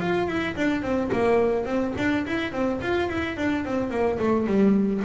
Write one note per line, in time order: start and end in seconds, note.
0.00 0.28 F4
0.28 0.56 E4
0.56 0.82 D4
0.82 1.10 C4
1.12 1.66 A#3
1.66 1.94 C4
1.98 2.26 D4
2.26 2.52 E4
2.52 2.80 C4
2.81 3.09 F4
3.09 3.37 E4
3.37 3.65 D4
3.65 3.90 C4
3.90 4.18 A#3
4.19 4.47 A3
4.47 5.03 G3